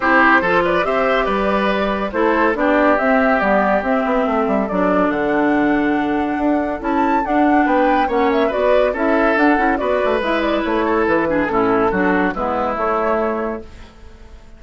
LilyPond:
<<
  \new Staff \with { instrumentName = "flute" } { \time 4/4 \tempo 4 = 141 c''4. d''8 e''4 d''4~ | d''4 c''4 d''4 e''4 | d''4 e''2 d''4 | fis''1 |
a''4 fis''4 g''4 fis''8 e''8 | d''4 e''4 fis''4 d''4 | e''8 d''8 cis''4 b'4 a'4~ | a'4 b'4 cis''2 | }
  \new Staff \with { instrumentName = "oboe" } { \time 4/4 g'4 a'8 b'8 c''4 b'4~ | b'4 a'4 g'2~ | g'2 a'2~ | a'1~ |
a'2 b'4 cis''4 | b'4 a'2 b'4~ | b'4. a'4 gis'8 e'4 | fis'4 e'2. | }
  \new Staff \with { instrumentName = "clarinet" } { \time 4/4 e'4 f'4 g'2~ | g'4 e'4 d'4 c'4 | b4 c'2 d'4~ | d'1 |
e'4 d'2 cis'4 | fis'4 e'4 d'8 e'8 fis'4 | e'2~ e'8 d'8 cis'4 | d'4 b4 a2 | }
  \new Staff \with { instrumentName = "bassoon" } { \time 4/4 c'4 f4 c'4 g4~ | g4 a4 b4 c'4 | g4 c'8 b8 a8 g8 fis4 | d2. d'4 |
cis'4 d'4 b4 ais4 | b4 cis'4 d'8 cis'8 b8 a8 | gis4 a4 e4 a,4 | fis4 gis4 a2 | }
>>